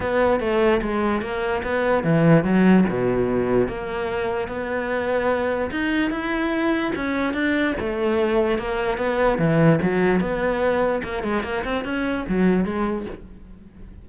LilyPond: \new Staff \with { instrumentName = "cello" } { \time 4/4 \tempo 4 = 147 b4 a4 gis4 ais4 | b4 e4 fis4 b,4~ | b,4 ais2 b4~ | b2 dis'4 e'4~ |
e'4 cis'4 d'4 a4~ | a4 ais4 b4 e4 | fis4 b2 ais8 gis8 | ais8 c'8 cis'4 fis4 gis4 | }